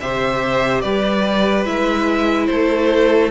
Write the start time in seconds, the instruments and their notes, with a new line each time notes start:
0.00 cello C3, viola G4, violin C5 E5
0.81 cello G3, violin B4 D5
1.65 cello G#3, viola E4, violin E5
2.46 cello A3, violin A4 C5